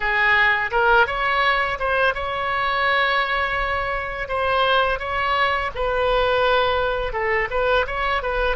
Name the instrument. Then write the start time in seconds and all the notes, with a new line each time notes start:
oboe
0.00 G#4
0.71 A#4
1.06 C#5
1.79 C5
2.14 C#5
4.28 C5
4.99 C#5
5.74 B4
7.12 A4
7.50 B4
7.86 C#5
8.22 B4